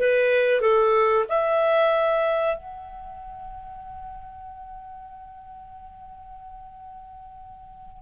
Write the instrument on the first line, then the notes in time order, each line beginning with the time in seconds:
clarinet
0.00 B4
0.61 A4
1.29 E5
2.57 F#5